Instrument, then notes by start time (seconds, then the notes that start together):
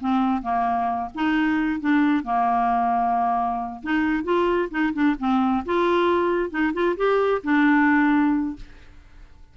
clarinet
0.00 C4
0.42 A#3
1.14 D#4
1.80 D4
2.24 A#3
3.83 D#4
4.24 F4
4.70 D#4
4.93 D4
5.19 C4
5.65 F4
6.50 D#4
6.73 F4
6.97 G4
7.43 D4